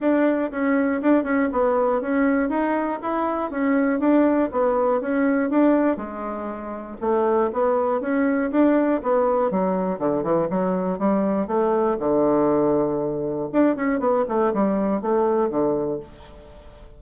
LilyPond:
\new Staff \with { instrumentName = "bassoon" } { \time 4/4 \tempo 4 = 120 d'4 cis'4 d'8 cis'8 b4 | cis'4 dis'4 e'4 cis'4 | d'4 b4 cis'4 d'4 | gis2 a4 b4 |
cis'4 d'4 b4 fis4 | d8 e8 fis4 g4 a4 | d2. d'8 cis'8 | b8 a8 g4 a4 d4 | }